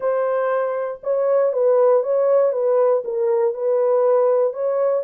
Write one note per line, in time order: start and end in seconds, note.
0.00 1.00 C5
1.03 1.52 C#5
1.52 2.03 B4
2.03 2.52 C#5
2.52 3.03 B4
3.04 3.53 A#4
3.53 4.53 B4
4.53 5.03 C#5